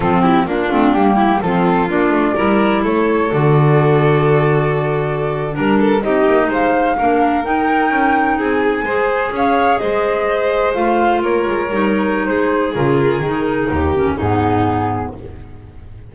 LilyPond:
<<
  \new Staff \with { instrumentName = "flute" } { \time 4/4 \tempo 4 = 127 a'8 g'8 f'4 g'4 a'4 | d''2 cis''4 d''4~ | d''2.~ d''8. ais'16~ | ais'8. dis''4 f''2 g''16~ |
g''4.~ g''16 gis''2 f''16~ | f''8. dis''2 f''4 cis''16~ | cis''2 c''4 ais'4~ | ais'2 gis'2 | }
  \new Staff \with { instrumentName = "violin" } { \time 4/4 f'8 e'8 d'4. e'8 f'4~ | f'4 ais'4 a'2~ | a'2.~ a'8. ais'16~ | ais'16 a'8 g'4 c''4 ais'4~ ais'16~ |
ais'4.~ ais'16 gis'4 c''4 cis''16~ | cis''8. c''2. ais'16~ | ais'2 gis'2~ | gis'4 g'4 dis'2 | }
  \new Staff \with { instrumentName = "clarinet" } { \time 4/4 c'4 d'8 c'8 ais4 c'4 | d'4 e'2 fis'4~ | fis'2.~ fis'8. d'16~ | d'8. dis'2 d'4 dis'16~ |
dis'2~ dis'8. gis'4~ gis'16~ | gis'2~ gis'8. f'4~ f'16~ | f'8. dis'2~ dis'16 f'4 | dis'4. cis'8 b2 | }
  \new Staff \with { instrumentName = "double bass" } { \time 4/4 f4 ais8 a8 g4 f4 | ais8 a8 g4 a4 d4~ | d2.~ d8. g16~ | g8. c'8 ais8 gis4 ais4 dis'16~ |
dis'8. cis'4 c'4 gis4 cis'16~ | cis'8. gis2 a4 ais16~ | ais16 gis8 g4~ g16 gis4 cis4 | dis4 dis,4 gis,2 | }
>>